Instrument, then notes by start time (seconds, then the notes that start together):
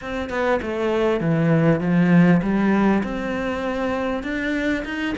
cello
0.01 C4
0.29 B3
0.62 A3
1.20 E3
1.80 F3
2.42 G3
3.03 C4
4.23 D4
4.84 D#4